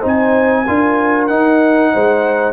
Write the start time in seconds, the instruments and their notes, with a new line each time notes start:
0.00 tuba C4, trombone D#4, horn C5
0.07 trumpet G#5
0.68 tuba D4, trombone F4, horn A#4
1.27 tuba D#4, trombone D#4, trumpet F#5
1.94 tuba G#3, horn C5